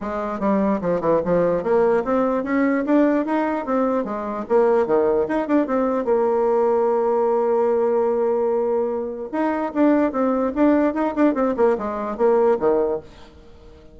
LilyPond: \new Staff \with { instrumentName = "bassoon" } { \time 4/4 \tempo 4 = 148 gis4 g4 f8 e8 f4 | ais4 c'4 cis'4 d'4 | dis'4 c'4 gis4 ais4 | dis4 dis'8 d'8 c'4 ais4~ |
ais1~ | ais2. dis'4 | d'4 c'4 d'4 dis'8 d'8 | c'8 ais8 gis4 ais4 dis4 | }